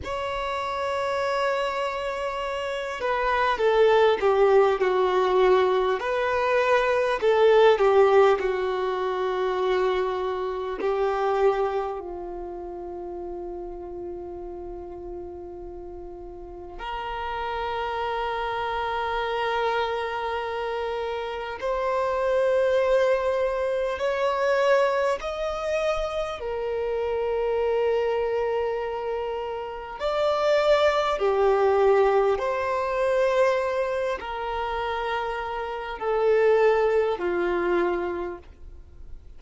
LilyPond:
\new Staff \with { instrumentName = "violin" } { \time 4/4 \tempo 4 = 50 cis''2~ cis''8 b'8 a'8 g'8 | fis'4 b'4 a'8 g'8 fis'4~ | fis'4 g'4 f'2~ | f'2 ais'2~ |
ais'2 c''2 | cis''4 dis''4 ais'2~ | ais'4 d''4 g'4 c''4~ | c''8 ais'4. a'4 f'4 | }